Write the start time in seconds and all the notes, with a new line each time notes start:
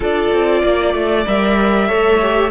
0.00 D4 F4 A4 D5
0.32 C4
0.62 A#3 D5
0.94 A3
1.26 G3 A#4 E5
1.87 A3 A4 C#5
2.22 G4